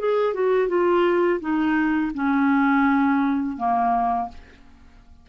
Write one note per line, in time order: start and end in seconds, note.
0.00 0.34 G#4
0.34 0.69 F#4
0.69 1.40 F4
1.41 2.12 D#4
2.15 3.57 C#4
3.57 4.29 A#3